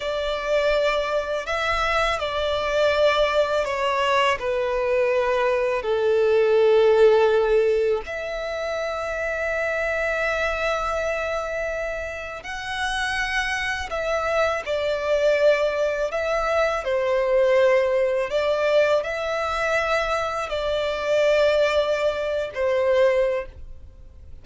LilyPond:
\new Staff \with { instrumentName = "violin" } { \time 4/4 \tempo 4 = 82 d''2 e''4 d''4~ | d''4 cis''4 b'2 | a'2. e''4~ | e''1~ |
e''4 fis''2 e''4 | d''2 e''4 c''4~ | c''4 d''4 e''2 | d''2~ d''8. c''4~ c''16 | }